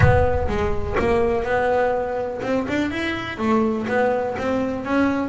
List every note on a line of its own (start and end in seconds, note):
0.00 0.47 B3
0.48 0.96 G#3
0.99 1.44 A#3
1.44 2.41 B3
2.42 2.66 C4
2.68 2.90 D4
2.90 3.38 E4
3.38 3.86 A3
3.87 4.35 B3
4.38 4.84 C4
4.84 5.29 C#4